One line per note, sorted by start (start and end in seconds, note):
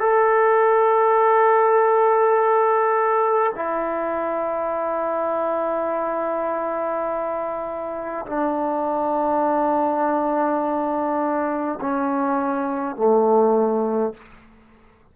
0.00 3.53 A4
3.55 8.26 E4
8.26 11.79 D4
11.81 12.96 C#4
12.96 14.14 A3